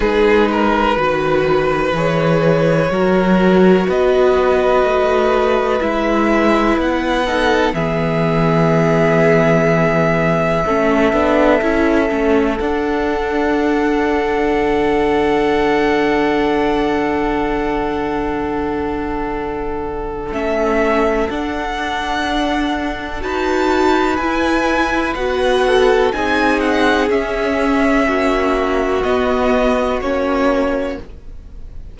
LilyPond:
<<
  \new Staff \with { instrumentName = "violin" } { \time 4/4 \tempo 4 = 62 b'2 cis''2 | dis''2 e''4 fis''4 | e''1~ | e''4 fis''2.~ |
fis''1~ | fis''4 e''4 fis''2 | a''4 gis''4 fis''4 gis''8 fis''8 | e''2 dis''4 cis''4 | }
  \new Staff \with { instrumentName = "violin" } { \time 4/4 gis'8 ais'8 b'2 ais'4 | b'2.~ b'8 a'8 | gis'2. a'4~ | a'1~ |
a'1~ | a'1 | b'2~ b'8 a'8 gis'4~ | gis'4 fis'2. | }
  \new Staff \with { instrumentName = "viola" } { \time 4/4 dis'4 fis'4 gis'4 fis'4~ | fis'2 e'4. dis'8 | b2. cis'8 d'8 | e'8 cis'8 d'2.~ |
d'1~ | d'4 cis'4 d'2 | fis'4 e'4 fis'4 dis'4 | cis'2 b4 cis'4 | }
  \new Staff \with { instrumentName = "cello" } { \time 4/4 gis4 dis4 e4 fis4 | b4 a4 gis4 b4 | e2. a8 b8 | cis'8 a8 d'2 d4~ |
d1~ | d4 a4 d'2 | dis'4 e'4 b4 c'4 | cis'4 ais4 b4 ais4 | }
>>